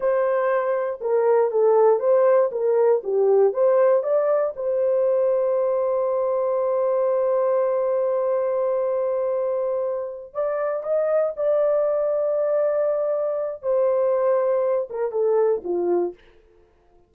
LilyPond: \new Staff \with { instrumentName = "horn" } { \time 4/4 \tempo 4 = 119 c''2 ais'4 a'4 | c''4 ais'4 g'4 c''4 | d''4 c''2.~ | c''1~ |
c''1~ | c''8 d''4 dis''4 d''4.~ | d''2. c''4~ | c''4. ais'8 a'4 f'4 | }